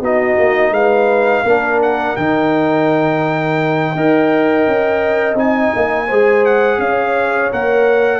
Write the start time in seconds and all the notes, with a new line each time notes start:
0.00 B3 D#4 F#4 D#5
0.38 A#3
0.71 G#3 B4 F5
1.43 A#3 D4 A#4
1.82 F#5
2.16 D#3 D#4 G5
3.94 D#4 A#4 D#5
4.67 C#4
5.34 C4 D#4 G#5
5.75 A#3
6.06 G#3 G#4 C5
6.45 F#5
6.78 C#4 C#5 F5
7.51 A#3 A#4 F#5